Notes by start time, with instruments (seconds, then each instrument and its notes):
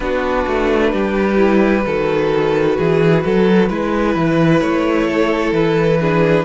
0.00 cello B3, viola D4, violin F#4 B4
0.47 cello A3
0.92 cello G3, violin G4
1.37 viola E4
1.85 cello D#3, viola F#4, violin A4
2.77 cello E3, violin G#4
3.24 cello F#3, violin A4
3.68 cello G#3, viola E4, violin B4
4.15 cello E3
4.61 cello A3, violin C#5
5.07 violin A4
5.52 cello E3, violin B4
6.00 viola D4, violin G#4